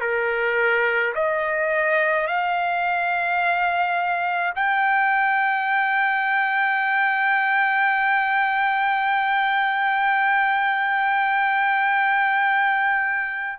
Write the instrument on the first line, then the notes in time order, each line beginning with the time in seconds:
trumpet
0.00 A#4
1.15 D#5
2.27 F5
4.55 G5